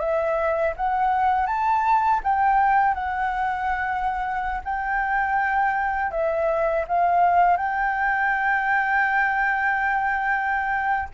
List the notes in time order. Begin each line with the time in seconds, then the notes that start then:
0.00 E5
0.77 F#5
1.47 A5
2.24 G5
2.95 F#5
4.65 G5
6.11 E5
6.88 F5
7.57 G5